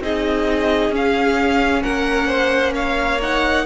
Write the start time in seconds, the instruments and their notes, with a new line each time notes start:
0.00 cello C4, viola D#4, violin G#4 D#5
0.90 cello C#4, viola C#4, violin F5
1.82 cello A#3, violin A#4 F#5
2.27 violin C5
2.74 violin C#5 F5
3.21 viola D#4, violin F#5